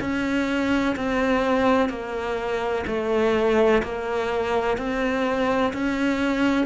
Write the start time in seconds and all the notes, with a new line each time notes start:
0.00 C#4
0.96 C4
1.89 A#3
2.87 A3
3.82 A#3
4.77 C4
5.73 C#4